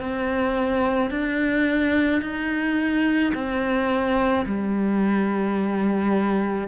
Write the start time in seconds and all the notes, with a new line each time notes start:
0.00 C4
1.11 D4
2.22 D#4
3.34 C4
4.45 G3